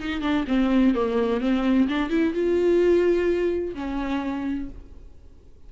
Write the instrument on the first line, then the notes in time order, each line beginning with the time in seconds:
viola
0.00 D#4
0.21 D4
0.47 C4
0.95 A#3
1.41 C4
1.88 D4
2.10 E4
2.34 F4
3.75 C#4